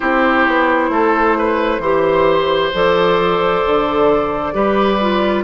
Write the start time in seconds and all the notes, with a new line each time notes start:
0.00 C4 E4 G4 C5
0.46 B3
0.89 A3 A4
1.37 B4
1.78 E3 G4 C5
2.73 F3 A4 D5
3.65 D3
4.53 G3 G4 B4
5.00 F4